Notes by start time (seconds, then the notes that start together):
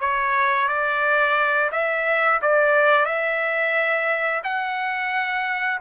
0.00 C#5
0.68 D5
1.72 E5
2.41 D5
3.05 E5
4.43 F#5